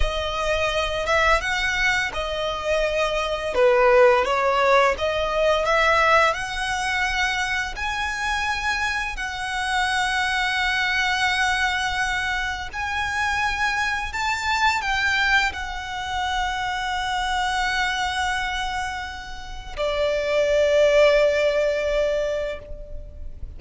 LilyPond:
\new Staff \with { instrumentName = "violin" } { \time 4/4 \tempo 4 = 85 dis''4. e''8 fis''4 dis''4~ | dis''4 b'4 cis''4 dis''4 | e''4 fis''2 gis''4~ | gis''4 fis''2.~ |
fis''2 gis''2 | a''4 g''4 fis''2~ | fis''1 | d''1 | }